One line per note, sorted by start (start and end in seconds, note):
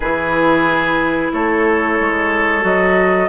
0.00 1.31 E3
0.00 2.61 E4
0.00 1.32 G#4
0.00 1.31 B4
1.32 1.99 A3
1.32 3.28 A4
1.32 2.64 C#5
2.00 2.63 G#3
2.61 3.28 F#3
2.61 3.27 F#4
2.61 3.28 D#5